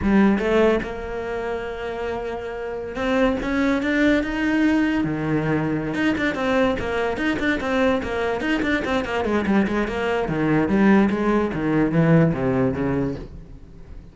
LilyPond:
\new Staff \with { instrumentName = "cello" } { \time 4/4 \tempo 4 = 146 g4 a4 ais2~ | ais2.~ ais16 c'8.~ | c'16 cis'4 d'4 dis'4.~ dis'16~ | dis'16 dis2~ dis16 dis'8 d'8 c'8~ |
c'8 ais4 dis'8 d'8 c'4 ais8~ | ais8 dis'8 d'8 c'8 ais8 gis8 g8 gis8 | ais4 dis4 g4 gis4 | dis4 e4 c4 cis4 | }